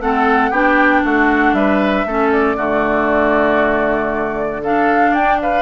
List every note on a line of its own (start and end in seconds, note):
0.00 0.51 A3
0.00 0.52 C4
0.00 0.51 A4
0.00 0.52 F#5
0.51 1.03 B3
0.51 2.07 D4
0.51 1.02 G4
0.51 1.03 G5
1.04 1.53 A3
1.04 1.55 F#4
1.04 1.54 F#5
1.53 2.04 G3
1.53 2.07 B4
1.53 2.31 E5
2.05 2.57 A3
2.05 2.56 C#4
2.05 2.56 A4
2.32 4.63 D5
2.56 5.13 D3
2.56 4.61 A3
2.56 4.61 F#4
4.63 5.62 D4
4.63 5.11 A4
4.63 5.14 F5
5.11 5.62 D4
5.11 5.36 D5
5.11 5.40 G5
5.42 5.62 B4
5.42 5.62 F5